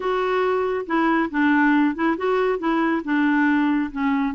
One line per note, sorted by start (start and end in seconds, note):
0.00 0.86 F#4
0.86 1.29 E4
1.30 1.95 D4
1.95 2.16 E4
2.17 2.58 F#4
2.58 3.01 E4
3.04 3.90 D4
3.91 4.34 C#4